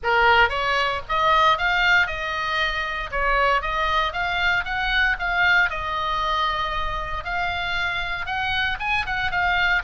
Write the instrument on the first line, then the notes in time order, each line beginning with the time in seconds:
oboe
0.03 A#4
0.49 C#5
1.08 D#5
1.58 F5
2.06 D#5
3.11 C#5
3.61 D#5
4.12 F5
4.64 F#5
5.19 F5
5.69 D#5
7.24 F5
8.25 F#5
8.79 G#5
9.05 F#5
9.31 F5